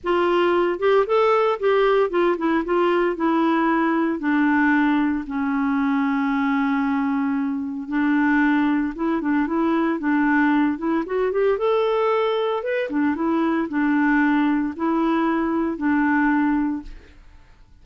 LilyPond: \new Staff \with { instrumentName = "clarinet" } { \time 4/4 \tempo 4 = 114 f'4. g'8 a'4 g'4 | f'8 e'8 f'4 e'2 | d'2 cis'2~ | cis'2. d'4~ |
d'4 e'8 d'8 e'4 d'4~ | d'8 e'8 fis'8 g'8 a'2 | b'8 d'8 e'4 d'2 | e'2 d'2 | }